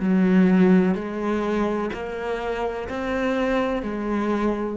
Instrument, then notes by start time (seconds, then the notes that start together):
cello
0.00 F#3
0.95 G#3
1.94 A#3
2.89 C4
3.83 G#3